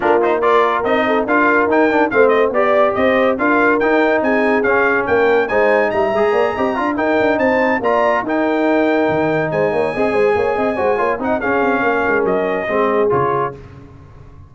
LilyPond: <<
  \new Staff \with { instrumentName = "trumpet" } { \time 4/4 \tempo 4 = 142 ais'8 c''8 d''4 dis''4 f''4 | g''4 f''8 dis''8 d''4 dis''4 | f''4 g''4 gis''4 f''4 | g''4 gis''4 ais''2~ |
ais''8 g''4 a''4 ais''4 g''8~ | g''2~ g''8 gis''4.~ | gis''2~ gis''8 fis''8 f''4~ | f''4 dis''2 cis''4 | }
  \new Staff \with { instrumentName = "horn" } { \time 4/4 f'4 ais'4. a'8 ais'4~ | ais'4 c''4 d''4 c''4 | ais'2 gis'2 | ais'4 c''4 e''4 d''8 dis''8 |
f''8 ais'4 c''4 d''4 ais'8~ | ais'2~ ais'8 c''8 cis''8 dis''8 | c''8 cis''8 dis''8 c''8 cis''8 dis''8 gis'4 | ais'2 gis'2 | }
  \new Staff \with { instrumentName = "trombone" } { \time 4/4 d'8 dis'8 f'4 dis'4 f'4 | dis'8 d'8 c'4 g'2 | f'4 dis'2 cis'4~ | cis'4 dis'4. gis'4 g'8 |
f'8 dis'2 f'4 dis'8~ | dis'2.~ dis'8 gis'8~ | gis'4. fis'8 f'8 dis'8 cis'4~ | cis'2 c'4 f'4 | }
  \new Staff \with { instrumentName = "tuba" } { \time 4/4 ais2 c'4 d'4 | dis'4 a4 b4 c'4 | d'4 dis'4 c'4 cis'4 | ais4 gis4 g8 gis8 ais8 c'8 |
d'8 dis'8 d'8 c'4 ais4 dis'8~ | dis'4. dis4 gis8 ais8 c'8 | gis8 ais8 c'8 gis8 ais8 c'8 cis'8 c'8 | ais8 gis8 fis4 gis4 cis4 | }
>>